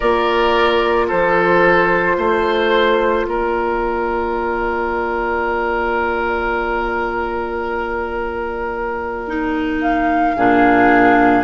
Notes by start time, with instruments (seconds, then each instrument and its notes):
0.00 bassoon A#3, clarinet F4, oboe A#4, flute D5
1.07 bassoon F3, oboe A4, flute C5
2.17 bassoon A3, oboe C5
3.24 bassoon A#3, oboe A#4, flute D5
9.27 clarinet D#4
9.81 flute F5
10.36 bassoon A#2, clarinet D4, oboe G#4